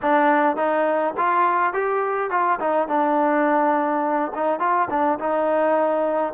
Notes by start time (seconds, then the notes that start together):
0.02 D4
0.56 D#4
1.17 F4
1.73 G4
2.30 F4
2.60 D#4
2.87 D4
4.34 D#4
4.59 F4
4.89 D4
5.19 D#4